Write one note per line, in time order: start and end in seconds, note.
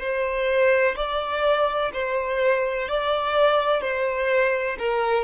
0.00 0.95 C5
0.96 1.91 D5
1.94 2.88 C5
2.88 3.81 D5
3.81 4.77 C5
4.79 5.24 A#4